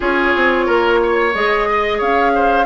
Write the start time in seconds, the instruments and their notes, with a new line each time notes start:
0.00 bassoon C#4, clarinet F4, oboe G#4, flute C#5
0.35 bassoon C4
0.66 bassoon A#3, oboe A#4
1.02 oboe C#5
1.33 bassoon G#3, clarinet G#4, flute D#5
1.70 oboe D#5
1.98 bassoon C#4, oboe C#5, flute F5
2.35 oboe C5